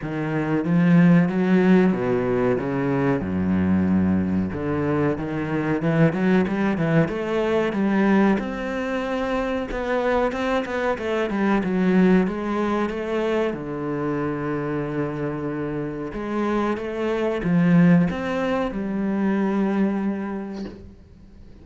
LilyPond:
\new Staff \with { instrumentName = "cello" } { \time 4/4 \tempo 4 = 93 dis4 f4 fis4 b,4 | cis4 fis,2 d4 | dis4 e8 fis8 g8 e8 a4 | g4 c'2 b4 |
c'8 b8 a8 g8 fis4 gis4 | a4 d2.~ | d4 gis4 a4 f4 | c'4 g2. | }